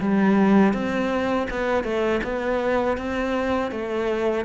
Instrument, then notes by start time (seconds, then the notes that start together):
cello
0.00 G3
0.73 C4
1.50 B3
1.83 A3
2.23 B3
2.97 C4
3.71 A3